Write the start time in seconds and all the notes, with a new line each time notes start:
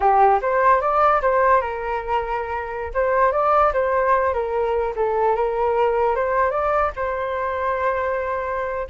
0.00 G4
0.41 C5
0.81 D5
1.21 C5
1.61 A#4
2.93 C5
3.31 D5
3.73 C5
4.33 A#4
4.96 A4
5.35 A#4
6.15 C5
6.50 D5
6.96 C5